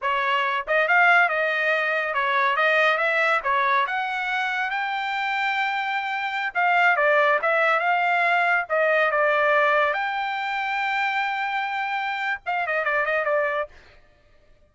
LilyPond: \new Staff \with { instrumentName = "trumpet" } { \time 4/4 \tempo 4 = 140 cis''4. dis''8 f''4 dis''4~ | dis''4 cis''4 dis''4 e''4 | cis''4 fis''2 g''4~ | g''2.~ g''16 f''8.~ |
f''16 d''4 e''4 f''4.~ f''16~ | f''16 dis''4 d''2 g''8.~ | g''1~ | g''4 f''8 dis''8 d''8 dis''8 d''4 | }